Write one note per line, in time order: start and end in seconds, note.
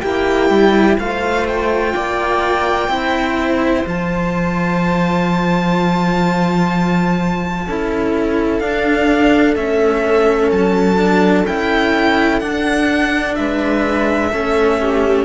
0.00 0.50 A#3
0.00 0.99 E4
0.00 0.96 G4
0.00 0.95 G5
0.50 0.98 G3
0.98 1.94 A3
0.98 2.90 F4
0.98 1.94 C5
0.98 1.47 F5
1.48 3.86 G5
1.94 2.88 A#3
1.94 2.89 D5
2.88 3.84 C4
2.88 3.85 E4
2.88 7.65 C5
3.86 7.67 F3
3.86 7.68 F4
3.86 8.59 A5
7.67 8.60 C#4
7.67 8.62 E4
7.67 13.37 A4
8.59 9.55 D4
8.59 9.57 D4
8.59 9.54 F5
9.55 10.50 A3
9.55 10.97 C#4
9.55 10.51 E5
10.52 11.47 F#3
10.52 11.46 A5
10.97 11.44 D4
11.46 12.42 C#4
11.46 12.41 E4
11.46 12.39 G5
12.39 14.32 D4
12.39 13.37 D4
12.39 13.35 F#5
13.35 14.33 G#3
13.35 14.31 B4
13.35 15.25 E5
14.31 15.25 A3
14.31 15.25 C#4
14.31 14.78 A4
14.81 15.25 G4